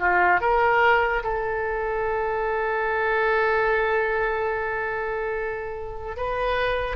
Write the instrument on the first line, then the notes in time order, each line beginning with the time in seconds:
oboe
0.00 F4
0.41 A#4
1.24 A4
6.17 B4